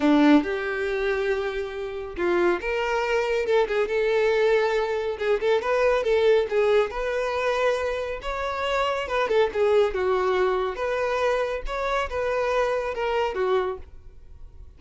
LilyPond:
\new Staff \with { instrumentName = "violin" } { \time 4/4 \tempo 4 = 139 d'4 g'2.~ | g'4 f'4 ais'2 | a'8 gis'8 a'2. | gis'8 a'8 b'4 a'4 gis'4 |
b'2. cis''4~ | cis''4 b'8 a'8 gis'4 fis'4~ | fis'4 b'2 cis''4 | b'2 ais'4 fis'4 | }